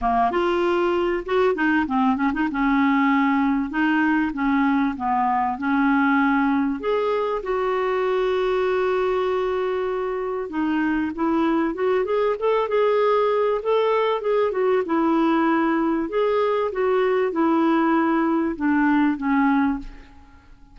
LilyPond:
\new Staff \with { instrumentName = "clarinet" } { \time 4/4 \tempo 4 = 97 ais8 f'4. fis'8 dis'8 c'8 cis'16 dis'16 | cis'2 dis'4 cis'4 | b4 cis'2 gis'4 | fis'1~ |
fis'4 dis'4 e'4 fis'8 gis'8 | a'8 gis'4. a'4 gis'8 fis'8 | e'2 gis'4 fis'4 | e'2 d'4 cis'4 | }